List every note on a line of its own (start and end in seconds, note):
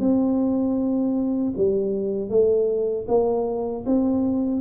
0.00 1.54 C4
1.57 2.30 G3
2.30 3.07 A3
3.08 3.85 A#3
3.86 4.61 C4